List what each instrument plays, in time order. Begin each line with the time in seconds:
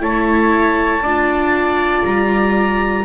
0.00 double bass A3, viola E4, trumpet C#5, clarinet A5
1.02 double bass D4, viola F4, trumpet D5
2.05 double bass G3, clarinet A#5